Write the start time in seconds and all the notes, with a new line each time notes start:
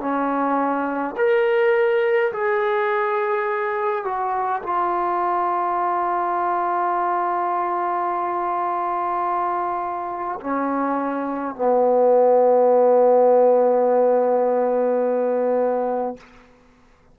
0.00 C#4
1.17 A#4
2.32 G#4
4.04 F#4
4.63 F4
10.41 C#4
11.55 B3